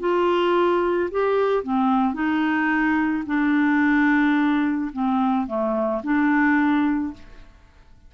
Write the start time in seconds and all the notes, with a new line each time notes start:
0.00 F4
1.11 G4
1.63 C4
2.14 D#4
3.26 D4
4.92 C4
5.47 A3
6.04 D4